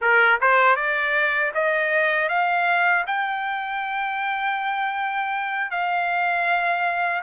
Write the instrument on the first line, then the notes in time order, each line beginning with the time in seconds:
trumpet
0.01 A#4
0.40 C5
0.76 D5
1.54 D#5
2.29 F5
3.06 G5
5.70 F5